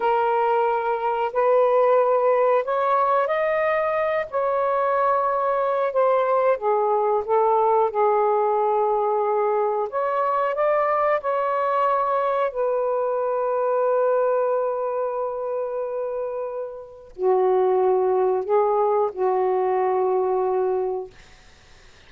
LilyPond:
\new Staff \with { instrumentName = "saxophone" } { \time 4/4 \tempo 4 = 91 ais'2 b'2 | cis''4 dis''4. cis''4.~ | cis''4 c''4 gis'4 a'4 | gis'2. cis''4 |
d''4 cis''2 b'4~ | b'1~ | b'2 fis'2 | gis'4 fis'2. | }